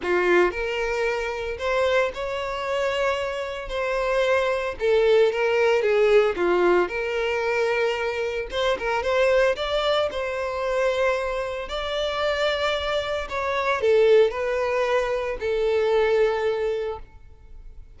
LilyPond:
\new Staff \with { instrumentName = "violin" } { \time 4/4 \tempo 4 = 113 f'4 ais'2 c''4 | cis''2. c''4~ | c''4 a'4 ais'4 gis'4 | f'4 ais'2. |
c''8 ais'8 c''4 d''4 c''4~ | c''2 d''2~ | d''4 cis''4 a'4 b'4~ | b'4 a'2. | }